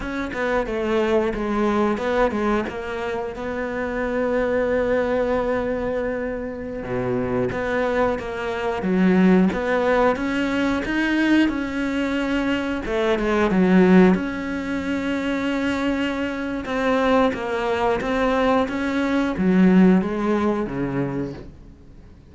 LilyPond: \new Staff \with { instrumentName = "cello" } { \time 4/4 \tempo 4 = 90 cis'8 b8 a4 gis4 b8 gis8 | ais4 b2.~ | b2~ b16 b,4 b8.~ | b16 ais4 fis4 b4 cis'8.~ |
cis'16 dis'4 cis'2 a8 gis16~ | gis16 fis4 cis'2~ cis'8.~ | cis'4 c'4 ais4 c'4 | cis'4 fis4 gis4 cis4 | }